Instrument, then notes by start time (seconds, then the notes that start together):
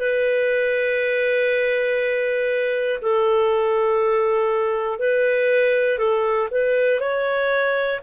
clarinet
0.00 B4
3.02 A4
5.00 B4
5.99 A4
6.51 B4
7.01 C#5